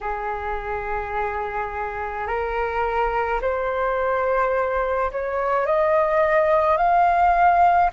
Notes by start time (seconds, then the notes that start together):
0.00 G#4
2.26 A#4
3.41 C5
5.11 C#5
5.66 D#5
6.77 F5